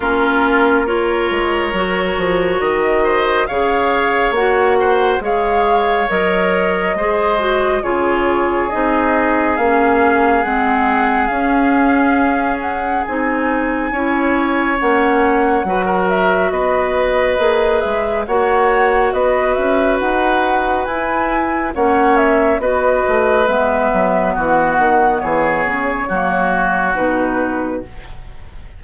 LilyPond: <<
  \new Staff \with { instrumentName = "flute" } { \time 4/4 \tempo 4 = 69 ais'4 cis''2 dis''4 | f''4 fis''4 f''4 dis''4~ | dis''4 cis''4 dis''4 f''4 | fis''4 f''4. fis''8 gis''4~ |
gis''4 fis''4. e''8 dis''4~ | dis''8 e''8 fis''4 dis''8 e''8 fis''4 | gis''4 fis''8 e''8 dis''4 e''4 | fis''4 cis''2 b'4 | }
  \new Staff \with { instrumentName = "oboe" } { \time 4/4 f'4 ais'2~ ais'8 c''8 | cis''4. c''8 cis''2 | c''4 gis'2.~ | gis'1 |
cis''2 b'16 ais'8. b'4~ | b'4 cis''4 b'2~ | b'4 cis''4 b'2 | fis'4 gis'4 fis'2 | }
  \new Staff \with { instrumentName = "clarinet" } { \time 4/4 cis'4 f'4 fis'2 | gis'4 fis'4 gis'4 ais'4 | gis'8 fis'8 f'4 dis'4 cis'4 | c'4 cis'2 dis'4 |
e'4 cis'4 fis'2 | gis'4 fis'2. | e'4 cis'4 fis'4 b4~ | b2 ais4 dis'4 | }
  \new Staff \with { instrumentName = "bassoon" } { \time 4/4 ais4. gis8 fis8 f8 dis4 | cis4 ais4 gis4 fis4 | gis4 cis4 c'4 ais4 | gis4 cis'2 c'4 |
cis'4 ais4 fis4 b4 | ais8 gis8 ais4 b8 cis'8 dis'4 | e'4 ais4 b8 a8 gis8 fis8 | e8 dis8 e8 cis8 fis4 b,4 | }
>>